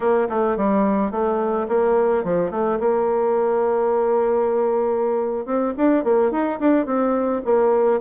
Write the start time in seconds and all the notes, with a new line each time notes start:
0.00 A#3
0.29 A3
0.56 G3
1.11 A3
1.68 A#3
2.24 F3
2.51 A3
2.79 A#3
5.45 C4
5.77 D4
6.04 A#3
6.31 D#4
6.59 D4
6.86 C4
7.44 A#3